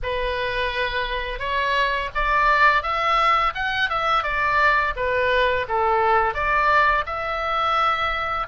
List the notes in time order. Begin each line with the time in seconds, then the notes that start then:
0.02 B4
1.39 C#5
2.15 D5
2.82 E5
3.55 F#5
3.89 E5
4.23 D5
4.95 B4
5.68 A4
6.33 D5
7.06 E5